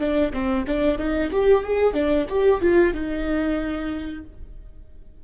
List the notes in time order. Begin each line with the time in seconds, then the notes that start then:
0.00 D4
0.33 C4
0.67 D4
0.98 D#4
1.32 G4
1.64 G#4
1.94 D4
2.29 G4
2.61 F4
2.94 D#4